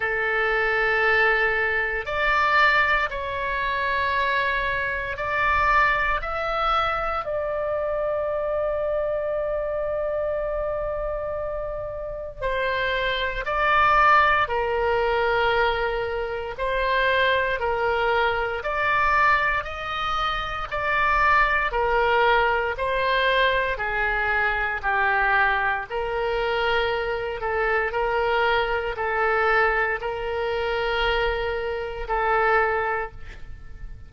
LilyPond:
\new Staff \with { instrumentName = "oboe" } { \time 4/4 \tempo 4 = 58 a'2 d''4 cis''4~ | cis''4 d''4 e''4 d''4~ | d''1 | c''4 d''4 ais'2 |
c''4 ais'4 d''4 dis''4 | d''4 ais'4 c''4 gis'4 | g'4 ais'4. a'8 ais'4 | a'4 ais'2 a'4 | }